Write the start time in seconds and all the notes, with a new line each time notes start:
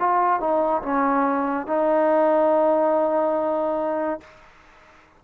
0.00 F4
0.40 D#4
0.83 C#4
1.67 D#4